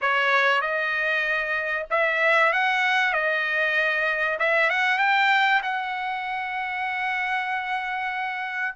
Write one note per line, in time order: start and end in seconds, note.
0.01 0.61 C#5
0.61 1.86 D#5
1.90 2.52 E5
2.52 3.13 F#5
3.13 4.38 D#5
4.39 4.69 E5
4.69 4.98 F#5
4.98 5.61 G5
5.62 8.75 F#5